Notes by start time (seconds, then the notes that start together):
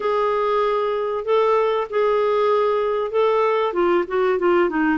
0.00 G#4
1.24 A4
1.90 G#4
3.11 A4
3.73 F4
4.07 F#4
4.39 F4
4.69 D#4